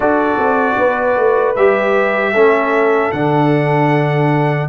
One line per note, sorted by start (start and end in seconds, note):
0.00 0.37 D4
0.00 1.56 F#4
0.00 0.76 A4
0.00 1.55 D5
0.37 0.76 C4
0.78 1.17 B3
0.78 2.33 B4
1.17 1.56 A3
1.55 2.33 G3
1.55 2.35 G4
1.55 3.11 E5
2.33 3.11 A3
2.33 3.12 C#4
2.33 4.67 A4
3.11 4.68 D3
3.11 4.69 D4
3.11 4.67 F#5